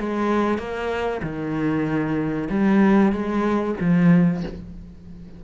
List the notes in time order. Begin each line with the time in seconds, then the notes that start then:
0.00 G#3
0.59 A#3
1.23 D#3
2.50 G3
3.13 G#3
3.81 F3